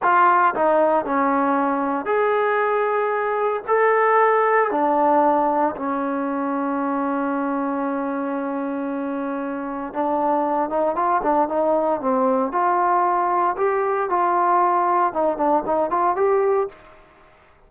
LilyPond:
\new Staff \with { instrumentName = "trombone" } { \time 4/4 \tempo 4 = 115 f'4 dis'4 cis'2 | gis'2. a'4~ | a'4 d'2 cis'4~ | cis'1~ |
cis'2. d'4~ | d'8 dis'8 f'8 d'8 dis'4 c'4 | f'2 g'4 f'4~ | f'4 dis'8 d'8 dis'8 f'8 g'4 | }